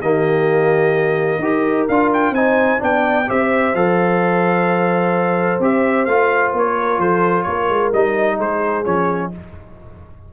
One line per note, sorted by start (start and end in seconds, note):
0.00 1.39 D#3
0.00 1.42 A#3
0.00 1.40 G4
0.00 1.87 D#5
1.39 1.85 D#4
1.39 1.88 G4
1.39 2.34 A#4
1.88 2.30 D4
1.88 2.35 F4
1.88 2.11 F5
2.13 2.34 G5
2.30 2.77 C4
2.30 2.78 D#4
2.30 2.80 C5
2.30 2.80 G#5
2.78 3.29 B3
2.78 3.25 D4
2.78 3.26 D5
2.78 3.29 G5
3.27 3.74 C4
3.27 3.74 G4
3.27 6.77 C5
3.27 3.75 E5
3.74 5.59 F3
3.74 5.61 A4
3.74 5.61 F5
5.59 6.06 C4
5.59 6.07 G4
5.59 6.05 E5
6.05 6.52 A3
6.05 7.93 F4
6.05 6.51 F5
6.52 6.98 A#3
6.52 7.00 C#5
6.77 6.99 A#4
6.98 7.44 F3
6.98 7.46 A4
6.98 7.43 C5
7.43 7.69 A#3
7.43 8.36 A#4
7.43 7.89 C#5
7.69 7.92 G#3
7.93 8.39 G3
7.93 8.84 D#4
7.93 8.39 D#5
8.36 8.86 G#3
8.36 9.29 G#4
8.36 8.84 C5
8.84 9.32 F3
8.84 9.31 C#4
8.84 9.31 C#5